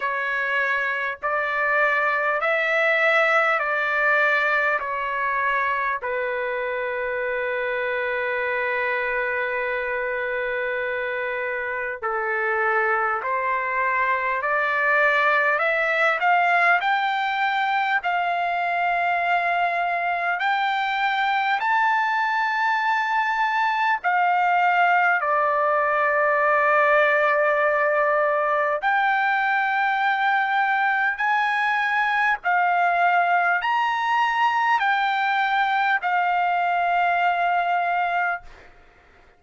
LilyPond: \new Staff \with { instrumentName = "trumpet" } { \time 4/4 \tempo 4 = 50 cis''4 d''4 e''4 d''4 | cis''4 b'2.~ | b'2 a'4 c''4 | d''4 e''8 f''8 g''4 f''4~ |
f''4 g''4 a''2 | f''4 d''2. | g''2 gis''4 f''4 | ais''4 g''4 f''2 | }